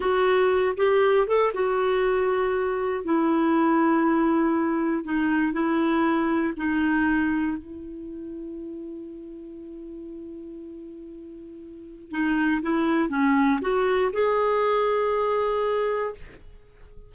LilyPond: \new Staff \with { instrumentName = "clarinet" } { \time 4/4 \tempo 4 = 119 fis'4. g'4 a'8 fis'4~ | fis'2 e'2~ | e'2 dis'4 e'4~ | e'4 dis'2 e'4~ |
e'1~ | e'1 | dis'4 e'4 cis'4 fis'4 | gis'1 | }